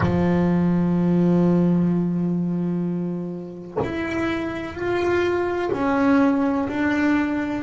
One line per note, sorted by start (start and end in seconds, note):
0.00 3.77 F3
3.83 4.74 E4
4.74 5.69 F4
5.72 6.68 C#4
6.68 7.63 D4